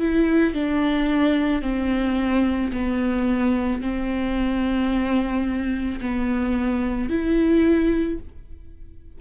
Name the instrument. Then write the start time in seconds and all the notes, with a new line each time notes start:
viola
0.00 E4
0.54 D4
1.62 C4
2.72 B3
3.81 C4
6.00 B3
7.09 E4